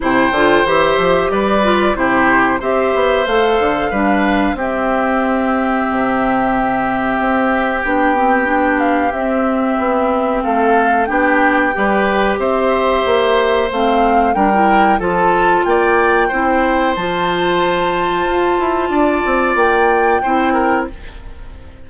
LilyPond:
<<
  \new Staff \with { instrumentName = "flute" } { \time 4/4 \tempo 4 = 92 g''4 e''4 d''4 c''4 | e''4 f''2 e''4~ | e''1 | g''4. f''8 e''2 |
f''4 g''2 e''4~ | e''4 f''4 g''4 a''4 | g''2 a''2~ | a''2 g''2 | }
  \new Staff \with { instrumentName = "oboe" } { \time 4/4 c''2 b'4 g'4 | c''2 b'4 g'4~ | g'1~ | g'1 |
a'4 g'4 b'4 c''4~ | c''2 ais'4 a'4 | d''4 c''2.~ | c''4 d''2 c''8 ais'8 | }
  \new Staff \with { instrumentName = "clarinet" } { \time 4/4 e'8 f'8 g'4. f'8 e'4 | g'4 a'4 d'4 c'4~ | c'1 | d'8 c'8 d'4 c'2~ |
c'4 d'4 g'2~ | g'4 c'4 d'16 e'8. f'4~ | f'4 e'4 f'2~ | f'2. e'4 | }
  \new Staff \with { instrumentName = "bassoon" } { \time 4/4 c8 d8 e8 f8 g4 c4 | c'8 b8 a8 d8 g4 c'4~ | c'4 c2 c'4 | b2 c'4 b4 |
a4 b4 g4 c'4 | ais4 a4 g4 f4 | ais4 c'4 f2 | f'8 e'8 d'8 c'8 ais4 c'4 | }
>>